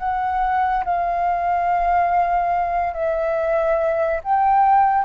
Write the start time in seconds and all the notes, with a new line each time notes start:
0.00 F#5
0.85 F5
2.94 E5
4.24 G5